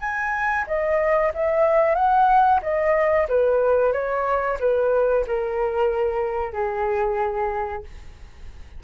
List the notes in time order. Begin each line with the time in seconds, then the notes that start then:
0.00 G#5
0.67 D#5
1.34 E5
1.95 F#5
2.62 D#5
3.29 B4
3.93 C#5
4.60 B4
5.27 A#4
6.53 G#4